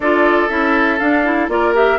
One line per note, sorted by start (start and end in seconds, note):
0.00 0.48 D4
0.00 0.49 F4
0.00 1.50 A4
0.00 0.48 D5
0.48 1.00 C#4
0.48 0.99 E4
0.48 0.98 E5
0.98 1.24 D4
0.98 1.48 D4
0.98 1.48 F5
1.24 1.49 E4
1.48 1.98 A#3
1.48 1.74 F4
1.48 1.98 A#4
1.48 1.74 D5
1.74 1.98 G4
1.74 1.98 E5